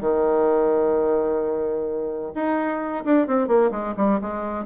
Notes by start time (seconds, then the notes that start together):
0.00 D#3
2.34 D#4
3.04 D4
3.27 C4
3.47 A#3
3.71 G#3
3.96 G3
4.21 G#3